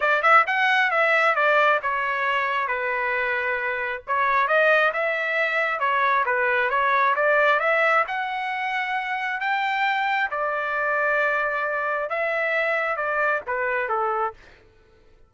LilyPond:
\new Staff \with { instrumentName = "trumpet" } { \time 4/4 \tempo 4 = 134 d''8 e''8 fis''4 e''4 d''4 | cis''2 b'2~ | b'4 cis''4 dis''4 e''4~ | e''4 cis''4 b'4 cis''4 |
d''4 e''4 fis''2~ | fis''4 g''2 d''4~ | d''2. e''4~ | e''4 d''4 b'4 a'4 | }